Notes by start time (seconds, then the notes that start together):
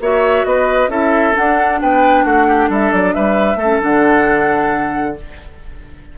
0.00 A#3 F#4 C#5 E5
0.44 B3 B4 D#5
0.88 C#4 E4 A4 E5
1.33 D4 F#5
1.81 B3 B4 G5
2.24 A3 F#4 F#5
2.47 G4
2.69 G3 A4 E5
2.92 F#3 D5
3.14 G3 B4 E5
3.55 A3 A4
3.63 C#4
3.81 D3 D4 F#5